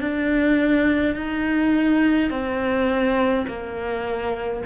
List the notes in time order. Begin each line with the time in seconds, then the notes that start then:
0.00 D4
1.15 D#4
2.30 C4
3.47 A#3